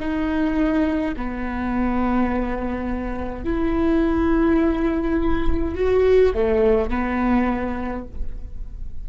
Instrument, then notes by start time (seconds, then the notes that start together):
viola
0.00 D#4
1.17 B3
3.45 E4
5.75 F#4
6.35 A3
6.90 B3